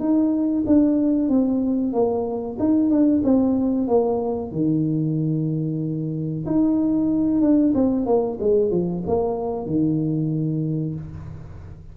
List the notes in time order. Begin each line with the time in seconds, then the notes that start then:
0.00 D#4
0.67 D4
1.29 C4
1.93 A#3
2.60 D#4
2.90 D4
3.24 C4
3.88 A#3
4.52 D#3
6.46 D#4
7.42 D4
7.75 C4
8.06 A#3
8.40 G#3
8.71 F3
9.07 A#3
9.66 D#3